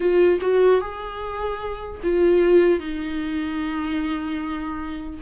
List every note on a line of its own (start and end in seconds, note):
0.00 0.39 F4
0.41 0.80 F#4
0.80 2.00 G#4
2.03 2.79 F4
2.79 5.19 D#4